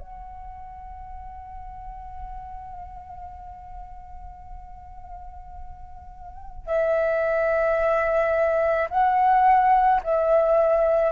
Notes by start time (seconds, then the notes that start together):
0.00 F#5
6.67 E5
8.90 F#5
10.04 E5